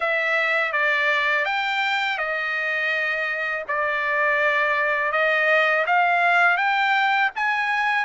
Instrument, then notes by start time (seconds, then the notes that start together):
trumpet
0.00 E5
0.72 D5
1.45 G5
2.18 D#5
3.68 D5
5.12 D#5
5.86 F5
6.57 G5
7.35 G#5